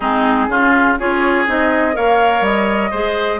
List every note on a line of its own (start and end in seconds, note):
0.00 0.48 G#3
0.00 0.49 C4
0.00 0.47 D#4
0.00 0.96 G#4
0.48 0.97 C#3
0.48 0.98 C#4
0.48 0.98 F4
0.98 1.48 C#4
0.98 1.47 F4
0.98 1.96 G#4
0.98 1.47 C#5
1.47 1.97 C4
1.47 1.93 D#4
1.47 1.96 D#5
1.93 2.41 A#3
1.93 2.91 A#4
1.93 2.91 C#5
1.93 2.44 F5
2.41 2.89 G3
2.41 3.39 D#5
2.91 3.39 G#3
2.91 3.39 G#4
2.91 3.39 C5